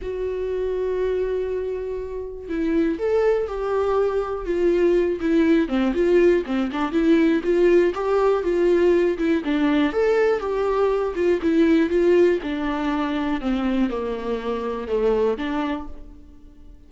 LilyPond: \new Staff \with { instrumentName = "viola" } { \time 4/4 \tempo 4 = 121 fis'1~ | fis'4 e'4 a'4 g'4~ | g'4 f'4. e'4 c'8 | f'4 c'8 d'8 e'4 f'4 |
g'4 f'4. e'8 d'4 | a'4 g'4. f'8 e'4 | f'4 d'2 c'4 | ais2 a4 d'4 | }